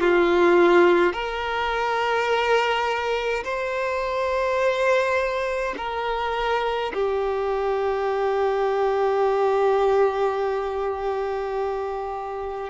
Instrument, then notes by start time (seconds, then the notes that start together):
violin
0.00 F4
1.13 A#4
3.44 C5
5.77 A#4
6.94 G4